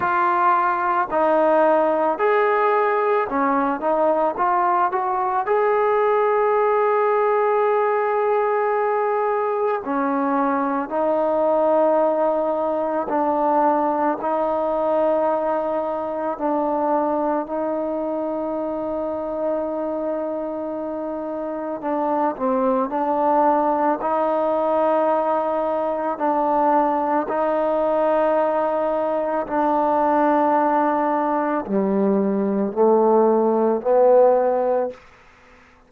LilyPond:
\new Staff \with { instrumentName = "trombone" } { \time 4/4 \tempo 4 = 55 f'4 dis'4 gis'4 cis'8 dis'8 | f'8 fis'8 gis'2.~ | gis'4 cis'4 dis'2 | d'4 dis'2 d'4 |
dis'1 | d'8 c'8 d'4 dis'2 | d'4 dis'2 d'4~ | d'4 g4 a4 b4 | }